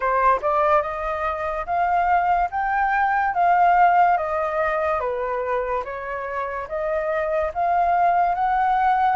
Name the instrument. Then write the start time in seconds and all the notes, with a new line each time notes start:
flute
0.00 C5
0.41 D5
0.82 D#5
1.66 F5
2.50 G5
3.34 F5
4.17 D#5
5.00 B4
5.84 C#5
6.68 D#5
7.54 F5
8.34 F#5